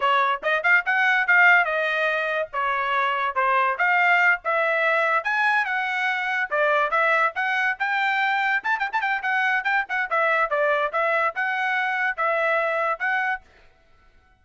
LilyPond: \new Staff \with { instrumentName = "trumpet" } { \time 4/4 \tempo 4 = 143 cis''4 dis''8 f''8 fis''4 f''4 | dis''2 cis''2 | c''4 f''4. e''4.~ | e''8 gis''4 fis''2 d''8~ |
d''8 e''4 fis''4 g''4.~ | g''8 a''8 g''16 a''16 g''8 fis''4 g''8 fis''8 | e''4 d''4 e''4 fis''4~ | fis''4 e''2 fis''4 | }